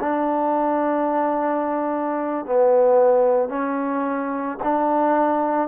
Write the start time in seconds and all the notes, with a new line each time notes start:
0.00 D4
2.45 B3
3.49 C#4
4.63 D4